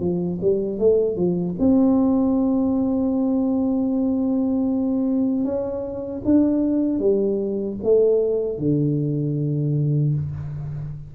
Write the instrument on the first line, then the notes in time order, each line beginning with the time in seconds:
tuba
0.00 F3
0.41 G3
0.79 A3
1.16 F3
1.59 C4
5.44 C#4
6.25 D4
6.99 G3
7.83 A3
8.58 D3